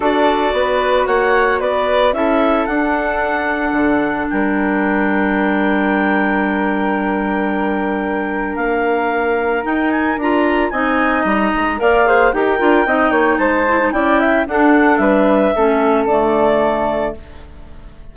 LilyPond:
<<
  \new Staff \with { instrumentName = "clarinet" } { \time 4/4 \tempo 4 = 112 d''2 fis''4 d''4 | e''4 fis''2. | g''1~ | g''1 |
f''2 g''8 gis''8 ais''4 | gis''4 ais''4 f''4 g''4~ | g''4 a''4 g''4 fis''4 | e''2 d''2 | }
  \new Staff \with { instrumentName = "flute" } { \time 4/4 a'4 b'4 cis''4 b'4 | a'1 | ais'1~ | ais'1~ |
ais'1 | dis''2 d''8 c''8 ais'4 | dis''8 cis''8 c''4 d''8 e''8 a'4 | b'4 a'2. | }
  \new Staff \with { instrumentName = "clarinet" } { \time 4/4 fis'1 | e'4 d'2.~ | d'1~ | d'1~ |
d'2 dis'4 f'4 | dis'2 ais'8 gis'8 g'8 f'8 | dis'4. e'16 dis'16 e'4 d'4~ | d'4 cis'4 a2 | }
  \new Staff \with { instrumentName = "bassoon" } { \time 4/4 d'4 b4 ais4 b4 | cis'4 d'2 d4 | g1~ | g1 |
ais2 dis'4 d'4 | c'4 g8 gis8 ais4 dis'8 d'8 | c'8 ais8 gis4 cis'4 d'4 | g4 a4 d2 | }
>>